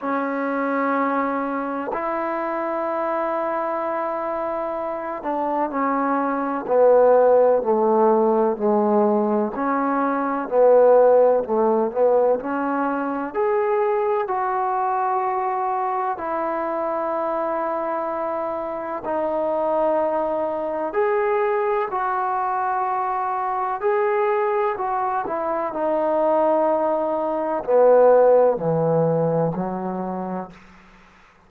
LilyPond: \new Staff \with { instrumentName = "trombone" } { \time 4/4 \tempo 4 = 63 cis'2 e'2~ | e'4. d'8 cis'4 b4 | a4 gis4 cis'4 b4 | a8 b8 cis'4 gis'4 fis'4~ |
fis'4 e'2. | dis'2 gis'4 fis'4~ | fis'4 gis'4 fis'8 e'8 dis'4~ | dis'4 b4 e4 fis4 | }